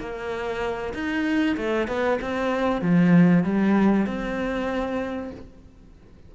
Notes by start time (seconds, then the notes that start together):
0.00 A#3
0.94 D#4
1.58 A3
1.88 B3
2.22 C4
2.82 F3
3.44 G3
4.07 C4